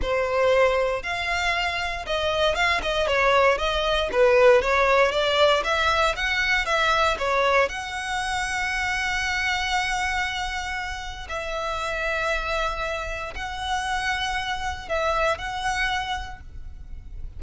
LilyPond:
\new Staff \with { instrumentName = "violin" } { \time 4/4 \tempo 4 = 117 c''2 f''2 | dis''4 f''8 dis''8 cis''4 dis''4 | b'4 cis''4 d''4 e''4 | fis''4 e''4 cis''4 fis''4~ |
fis''1~ | fis''2 e''2~ | e''2 fis''2~ | fis''4 e''4 fis''2 | }